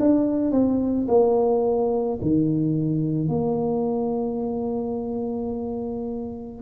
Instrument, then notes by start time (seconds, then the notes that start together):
tuba
0.00 D4
0.52 C4
1.08 A#3
2.22 D#3
3.29 A#3